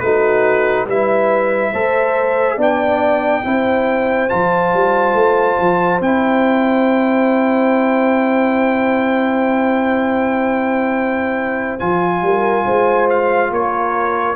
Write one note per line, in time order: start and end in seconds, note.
0.00 0.86 A3
0.00 0.89 D#4
0.00 0.87 F#4
0.00 0.86 B4
0.86 1.72 G3
0.86 1.74 E4
0.86 1.72 B4
0.86 2.61 E5
1.73 2.58 A3
1.73 2.58 A4
1.73 2.58 C5
2.58 3.43 B3
2.58 3.44 D4
2.58 3.44 D5
2.58 4.30 G5
3.44 4.31 C4
3.44 4.30 E4
3.44 12.24 C5
4.30 4.74 F3
4.30 6.01 F4
4.30 6.01 A5
4.74 5.14 G3
5.14 5.57 A3
5.60 6.01 F3
6.01 11.79 C4
6.01 11.80 E4
6.01 11.80 G5
11.80 12.22 F3
11.80 14.36 F4
11.80 13.08 G#5
12.22 12.65 G3
12.22 12.65 A#4
12.65 13.51 G#3
12.65 13.51 C5
13.10 13.53 F5
13.51 14.36 A#3
13.51 14.36 A#4
13.51 14.36 C#5